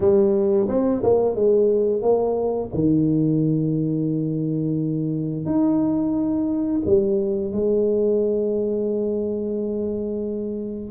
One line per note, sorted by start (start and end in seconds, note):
0.00 0.68 G3
0.68 1.02 C4
1.03 1.35 A#3
1.35 2.01 G#3
2.01 2.70 A#3
2.74 5.45 D#3
5.45 6.82 D#4
6.85 7.52 G3
7.52 10.91 G#3